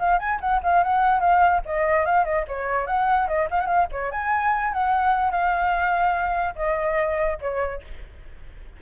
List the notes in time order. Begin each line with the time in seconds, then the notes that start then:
0.00 F5
0.19 G#5
0.41 F#5
0.64 F5
0.84 F#5
1.21 F5
1.66 D#5
2.06 F5
2.25 D#5
2.48 C#5
2.87 F#5
3.28 D#5
3.51 F5
3.61 F5 F#5
3.92 C#5
4.12 G#5
4.74 F#5
5.32 F5
6.56 D#5
7.41 C#5